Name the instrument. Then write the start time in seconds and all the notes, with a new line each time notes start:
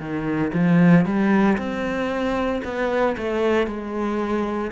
cello
0.00 D#3
0.54 F3
1.05 G3
1.58 C4
2.64 B3
3.18 A3
3.67 G#3